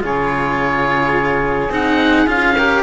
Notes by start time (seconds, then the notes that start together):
0.00 C#3 F4 G#4 C#5
1.69 C4 D#4 F#5
2.26 C#4 F4 F5
2.56 G4 A#4